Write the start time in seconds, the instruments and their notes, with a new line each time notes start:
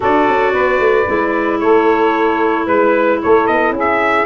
0.00 tuba D4, clarinet F#4, saxophone A4, trumpet D5
0.28 tuba C#4
0.52 tuba B3, saxophone B4
0.79 tuba A3
1.06 tuba G#3, clarinet E4
1.59 tuba A3, saxophone A4, trumpet C#5
2.65 tuba G#3, saxophone B4, trumpet B4
3.22 tuba A3, saxophone A4, trumpet C#5
3.46 tuba B3, trumpet D#5
3.71 tuba C#4, saxophone G#4
3.79 trumpet E5